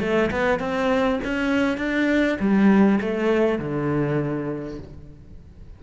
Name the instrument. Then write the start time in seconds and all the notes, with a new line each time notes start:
cello
0.00 A3
0.31 B3
0.59 C4
1.24 C#4
1.77 D4
2.40 G3
3.01 A3
3.59 D3